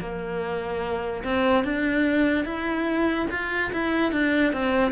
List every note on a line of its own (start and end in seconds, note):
0.00 1.23 A#3
1.24 1.64 C4
1.64 2.45 D4
2.45 3.27 E4
3.31 3.72 F4
3.73 4.12 E4
4.12 4.53 D4
4.53 4.92 C4